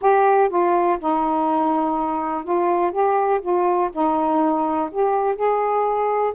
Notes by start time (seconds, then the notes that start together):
0.01 G4
0.49 F4
0.99 D#4
2.44 F4
2.91 G4
3.41 F4
3.92 D#4
4.91 G4
5.35 G#4